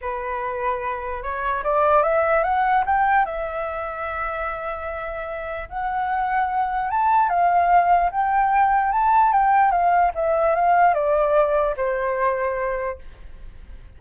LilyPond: \new Staff \with { instrumentName = "flute" } { \time 4/4 \tempo 4 = 148 b'2. cis''4 | d''4 e''4 fis''4 g''4 | e''1~ | e''2 fis''2~ |
fis''4 a''4 f''2 | g''2 a''4 g''4 | f''4 e''4 f''4 d''4~ | d''4 c''2. | }